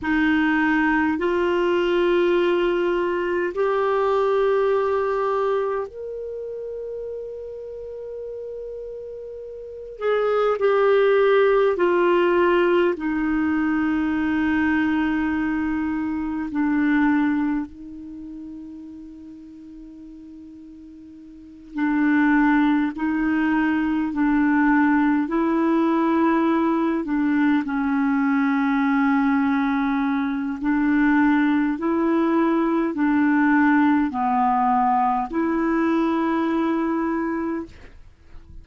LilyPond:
\new Staff \with { instrumentName = "clarinet" } { \time 4/4 \tempo 4 = 51 dis'4 f'2 g'4~ | g'4 ais'2.~ | ais'8 gis'8 g'4 f'4 dis'4~ | dis'2 d'4 dis'4~ |
dis'2~ dis'8 d'4 dis'8~ | dis'8 d'4 e'4. d'8 cis'8~ | cis'2 d'4 e'4 | d'4 b4 e'2 | }